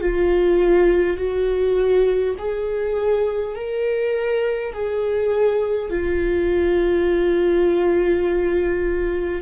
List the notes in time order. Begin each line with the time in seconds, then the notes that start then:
0.00 F4
1.17 F#4
2.38 G#4
3.55 A#4
4.73 G#4
5.90 F4